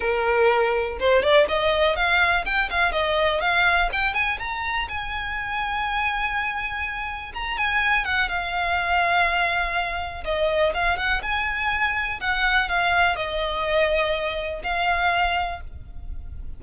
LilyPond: \new Staff \with { instrumentName = "violin" } { \time 4/4 \tempo 4 = 123 ais'2 c''8 d''8 dis''4 | f''4 g''8 f''8 dis''4 f''4 | g''8 gis''8 ais''4 gis''2~ | gis''2. ais''8 gis''8~ |
gis''8 fis''8 f''2.~ | f''4 dis''4 f''8 fis''8 gis''4~ | gis''4 fis''4 f''4 dis''4~ | dis''2 f''2 | }